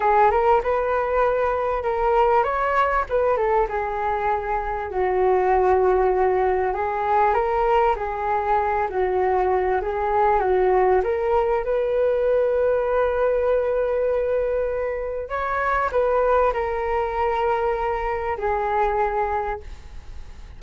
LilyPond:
\new Staff \with { instrumentName = "flute" } { \time 4/4 \tempo 4 = 98 gis'8 ais'8 b'2 ais'4 | cis''4 b'8 a'8 gis'2 | fis'2. gis'4 | ais'4 gis'4. fis'4. |
gis'4 fis'4 ais'4 b'4~ | b'1~ | b'4 cis''4 b'4 ais'4~ | ais'2 gis'2 | }